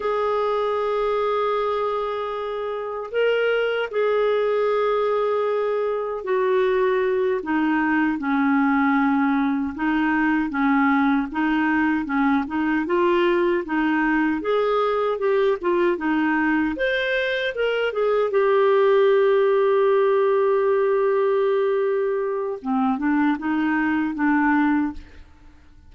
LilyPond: \new Staff \with { instrumentName = "clarinet" } { \time 4/4 \tempo 4 = 77 gis'1 | ais'4 gis'2. | fis'4. dis'4 cis'4.~ | cis'8 dis'4 cis'4 dis'4 cis'8 |
dis'8 f'4 dis'4 gis'4 g'8 | f'8 dis'4 c''4 ais'8 gis'8 g'8~ | g'1~ | g'4 c'8 d'8 dis'4 d'4 | }